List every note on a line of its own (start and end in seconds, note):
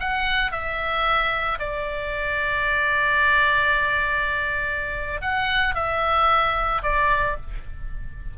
0.00 0.51 F#5
0.51 1.59 E5
1.59 5.21 D5
5.21 5.75 F#5
5.75 6.82 E5
6.83 7.36 D5